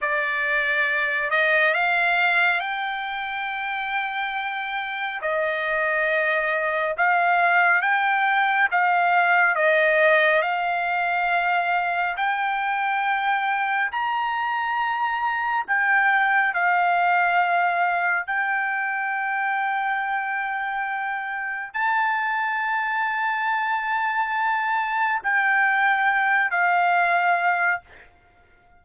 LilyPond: \new Staff \with { instrumentName = "trumpet" } { \time 4/4 \tempo 4 = 69 d''4. dis''8 f''4 g''4~ | g''2 dis''2 | f''4 g''4 f''4 dis''4 | f''2 g''2 |
ais''2 g''4 f''4~ | f''4 g''2.~ | g''4 a''2.~ | a''4 g''4. f''4. | }